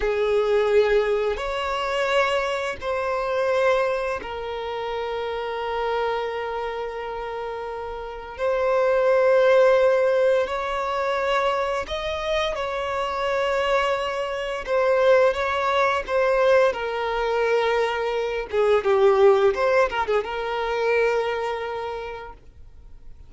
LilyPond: \new Staff \with { instrumentName = "violin" } { \time 4/4 \tempo 4 = 86 gis'2 cis''2 | c''2 ais'2~ | ais'1 | c''2. cis''4~ |
cis''4 dis''4 cis''2~ | cis''4 c''4 cis''4 c''4 | ais'2~ ais'8 gis'8 g'4 | c''8 ais'16 gis'16 ais'2. | }